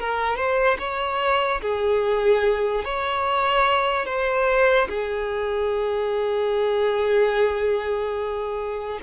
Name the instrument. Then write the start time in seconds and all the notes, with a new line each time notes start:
violin
0.00 A#4
0.37 C5
0.80 C#5
1.62 G#4
2.85 C#5
4.06 C5
4.89 G#4